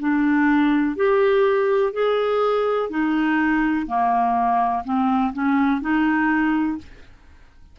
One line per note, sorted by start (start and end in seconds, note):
0.00 0.96 D4
0.96 1.93 G4
1.93 2.90 G#4
2.90 3.87 D#4
3.87 4.84 A#3
4.85 5.33 C4
5.34 5.82 C#4
5.82 6.78 D#4